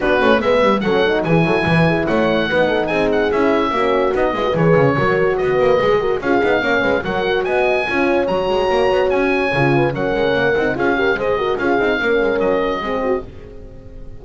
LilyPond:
<<
  \new Staff \with { instrumentName = "oboe" } { \time 4/4 \tempo 4 = 145 b'4 e''4 fis''4 gis''4~ | gis''4 fis''2 gis''8 fis''8 | e''2 dis''4 cis''4~ | cis''4 dis''2 f''4~ |
f''4 fis''4 gis''2 | ais''2 gis''2 | fis''2 f''4 dis''4 | f''2 dis''2 | }
  \new Staff \with { instrumentName = "horn" } { \time 4/4 fis'4 b'4 a'4 gis'8 a'8 | b'8 gis'8 cis''4 b'8 a'8 gis'4~ | gis'4 fis'4. b'4. | ais'4 b'4. ais'8 gis'4 |
cis''8 b'8 ais'4 dis''4 cis''4~ | cis''2.~ cis''8 b'8 | ais'2 gis'8 ais'8 c''8 ais'8 | gis'4 ais'2 gis'8 fis'8 | }
  \new Staff \with { instrumentName = "horn" } { \time 4/4 d'8 cis'8 b4 cis'8 dis'8 e'4~ | e'2 dis'2 | e'4 cis'4 dis'8 e'16 fis'16 gis'4 | fis'2 gis'8 fis'8 f'8 dis'8 |
cis'4 fis'2 f'4 | fis'2. f'4 | cis'4. dis'8 f'8 g'8 gis'8 fis'8 | f'8 dis'8 cis'2 c'4 | }
  \new Staff \with { instrumentName = "double bass" } { \time 4/4 b8 a8 gis8 g8 fis4 e8 fis8 | e4 a4 b4 c'4 | cis'4 ais4 b8 gis8 e8 cis8 | fis4 b8 ais8 gis4 cis'8 b8 |
ais8 gis8 fis4 b4 cis'4 | fis8 gis8 ais8 b8 cis'4 cis4 | fis8 gis8 ais8 c'8 cis'4 gis4 | cis'8 c'8 ais8 gis8 fis4 gis4 | }
>>